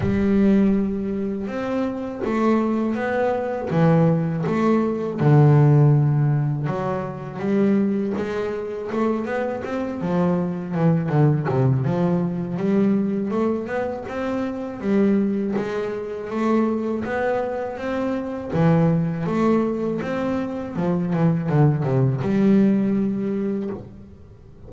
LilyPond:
\new Staff \with { instrumentName = "double bass" } { \time 4/4 \tempo 4 = 81 g2 c'4 a4 | b4 e4 a4 d4~ | d4 fis4 g4 gis4 | a8 b8 c'8 f4 e8 d8 c8 |
f4 g4 a8 b8 c'4 | g4 gis4 a4 b4 | c'4 e4 a4 c'4 | f8 e8 d8 c8 g2 | }